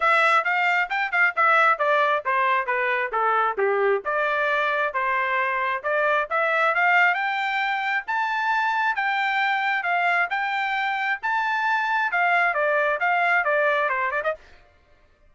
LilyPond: \new Staff \with { instrumentName = "trumpet" } { \time 4/4 \tempo 4 = 134 e''4 f''4 g''8 f''8 e''4 | d''4 c''4 b'4 a'4 | g'4 d''2 c''4~ | c''4 d''4 e''4 f''4 |
g''2 a''2 | g''2 f''4 g''4~ | g''4 a''2 f''4 | d''4 f''4 d''4 c''8 d''16 dis''16 | }